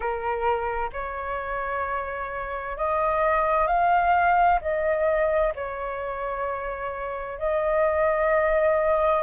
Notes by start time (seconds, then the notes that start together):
0.00 A#4
0.92 C#5
2.77 D#5
3.67 F5
4.61 D#5
5.55 C#5
7.38 D#5